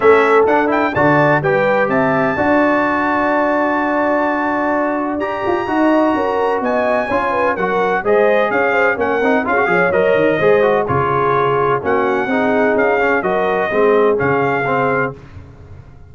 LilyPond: <<
  \new Staff \with { instrumentName = "trumpet" } { \time 4/4 \tempo 4 = 127 e''4 fis''8 g''8 a''4 g''4 | a''1~ | a''2. ais''4~ | ais''2 gis''2 |
fis''4 dis''4 f''4 fis''4 | f''4 dis''2 cis''4~ | cis''4 fis''2 f''4 | dis''2 f''2 | }
  \new Staff \with { instrumentName = "horn" } { \time 4/4 a'2 d''4 b'4 | e''4 d''2.~ | d''1 | dis''4 ais'4 dis''4 cis''8 b'8 |
ais'4 c''4 cis''8 c''8 ais'4 | gis'8 cis''4. c''4 gis'4~ | gis'4 fis'4 gis'2 | ais'4 gis'2. | }
  \new Staff \with { instrumentName = "trombone" } { \time 4/4 cis'4 d'8 e'8 fis'4 g'4~ | g'4 fis'2.~ | fis'2. g'4 | fis'2. f'4 |
fis'4 gis'2 cis'8 dis'8 | f'16 fis'16 gis'8 ais'4 gis'8 fis'8 f'4~ | f'4 cis'4 dis'4. cis'8 | fis'4 c'4 cis'4 c'4 | }
  \new Staff \with { instrumentName = "tuba" } { \time 4/4 a4 d'4 d4 g4 | c'4 d'2.~ | d'2. g'8 f'8 | dis'4 cis'4 b4 cis'4 |
fis4 gis4 cis'4 ais8 c'8 | cis'8 f8 fis8 dis8 gis4 cis4~ | cis4 ais4 c'4 cis'4 | fis4 gis4 cis2 | }
>>